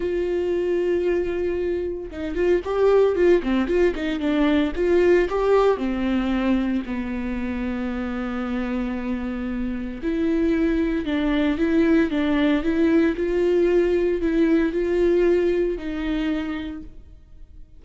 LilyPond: \new Staff \with { instrumentName = "viola" } { \time 4/4 \tempo 4 = 114 f'1 | dis'8 f'8 g'4 f'8 c'8 f'8 dis'8 | d'4 f'4 g'4 c'4~ | c'4 b2.~ |
b2. e'4~ | e'4 d'4 e'4 d'4 | e'4 f'2 e'4 | f'2 dis'2 | }